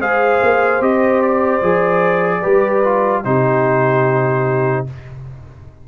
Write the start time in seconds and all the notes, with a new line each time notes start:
0.00 G#3 G#4 C5 F5
0.43 A#3
0.81 C4 G4 D#5
1.22 D5
1.62 F3 G#4
2.42 G3 G4 B4
2.85 F4
3.24 C3 D#4 G4 C5